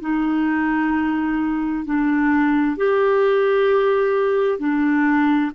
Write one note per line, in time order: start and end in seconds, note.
0.00 1.85 D#4
1.85 2.77 D4
2.77 4.58 G4
4.58 5.50 D4